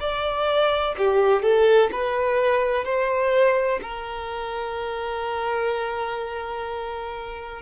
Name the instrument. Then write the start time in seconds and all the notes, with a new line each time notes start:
violin
0.00 D5
0.98 G4
1.42 A4
1.92 B4
2.85 C5
3.83 A#4